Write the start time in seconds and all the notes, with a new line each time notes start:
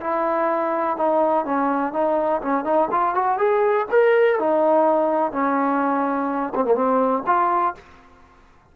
0.00 E4
0.97 D#4
1.45 C#4
1.92 D#4
2.41 C#4
2.64 D#4
2.91 F4
3.15 F#4
3.38 G#4
3.91 A#4
4.39 D#4
5.32 C#4
6.54 C4
6.64 A#3
6.75 C4
7.26 F4